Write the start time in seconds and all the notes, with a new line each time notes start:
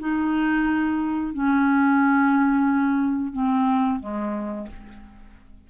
0.00 D#4
1.34 C#4
3.33 C4
4.00 G#3